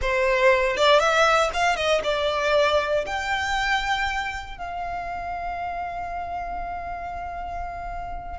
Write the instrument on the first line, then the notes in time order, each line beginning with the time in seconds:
violin
0.01 C5
0.77 D5
0.99 E5
1.53 F5
1.75 D#5
2.03 D5
3.06 G5
4.57 F5